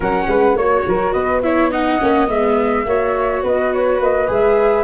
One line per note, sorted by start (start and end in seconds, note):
0.00 0.25 F#3
0.00 0.57 C#4
0.00 0.25 A#4
0.00 0.56 F#5
0.27 0.55 G#3
0.27 0.56 B4
0.55 0.83 A#3
0.55 1.43 F#4
0.55 0.85 C#5
0.55 1.12 C#5
0.87 1.14 F#3
0.87 1.13 A#4
1.12 1.99 B3
1.12 1.41 B4
1.12 1.41 D#5
1.42 1.71 E4
1.42 1.70 C#5
1.42 1.71 E5
1.70 1.99 D#4
1.70 2.85 D#5
1.70 2.28 F#5
1.99 2.28 A#3
1.99 2.26 C#4
2.26 2.85 G#3
2.26 2.84 B3
2.26 3.43 E5
2.85 3.42 A#3
2.85 4.27 F#4
2.85 3.43 C#5
3.43 4.00 B3
3.43 4.84 B4
3.43 3.73 D#5
3.73 4.01 C#5
4.00 4.28 A#3
4.00 4.30 D#5
4.27 4.84 G#3
4.27 4.84 G#4
4.27 4.84 E5